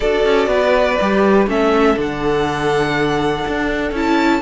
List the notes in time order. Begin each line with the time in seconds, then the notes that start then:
0.00 D4 F#4 A4 D5
0.25 C#4
0.47 B3 B4
1.00 G3 G4
1.47 A3 C#4 A4 E5
1.96 D3 D4 F#5
3.48 D4
3.91 C#4 E4 A5